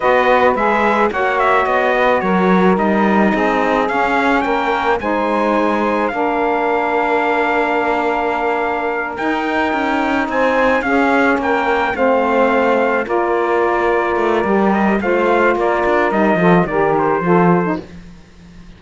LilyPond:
<<
  \new Staff \with { instrumentName = "trumpet" } { \time 4/4 \tempo 4 = 108 dis''4 e''4 fis''8 e''8 dis''4 | cis''4 dis''2 f''4 | g''4 gis''2 f''4~ | f''1~ |
f''8 g''2 gis''4 f''8~ | f''8 g''4 f''2 d''8~ | d''2~ d''8 dis''8 f''4 | d''4 dis''4 d''8 c''4. | }
  \new Staff \with { instrumentName = "saxophone" } { \time 4/4 b'2 cis''4. b'8 | ais'2 gis'2 | ais'4 c''2 ais'4~ | ais'1~ |
ais'2~ ais'8 c''4 gis'8~ | gis'8 ais'4 c''2 ais'8~ | ais'2. c''4 | ais'4. a'8 ais'4 a'4 | }
  \new Staff \with { instrumentName = "saxophone" } { \time 4/4 fis'4 gis'4 fis'2~ | fis'4 dis'2 cis'4~ | cis'4 dis'2 d'4~ | d'1~ |
d'8 dis'2. cis'8~ | cis'4. c'2 f'8~ | f'2 g'4 f'4~ | f'4 dis'8 f'8 g'4 f'8. dis'16 | }
  \new Staff \with { instrumentName = "cello" } { \time 4/4 b4 gis4 ais4 b4 | fis4 g4 c'4 cis'4 | ais4 gis2 ais4~ | ais1~ |
ais8 dis'4 cis'4 c'4 cis'8~ | cis'8 ais4 a2 ais8~ | ais4. a8 g4 a4 | ais8 d'8 g8 f8 dis4 f4 | }
>>